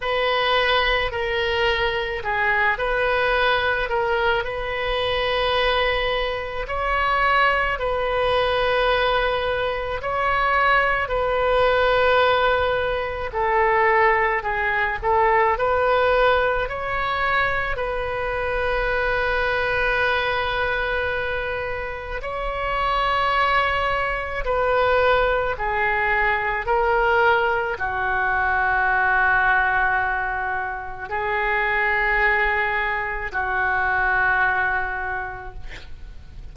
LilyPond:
\new Staff \with { instrumentName = "oboe" } { \time 4/4 \tempo 4 = 54 b'4 ais'4 gis'8 b'4 ais'8 | b'2 cis''4 b'4~ | b'4 cis''4 b'2 | a'4 gis'8 a'8 b'4 cis''4 |
b'1 | cis''2 b'4 gis'4 | ais'4 fis'2. | gis'2 fis'2 | }